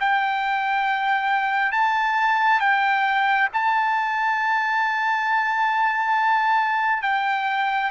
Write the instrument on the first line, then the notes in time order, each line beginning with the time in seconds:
trumpet
0.00 G5
1.72 A5
2.60 G5
3.53 A5
7.03 G5